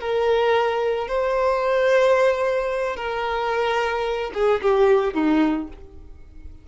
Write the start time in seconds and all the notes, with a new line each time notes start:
0.00 A#4
1.07 C5
2.96 A#4
4.34 G#4
4.61 G4
5.13 D#4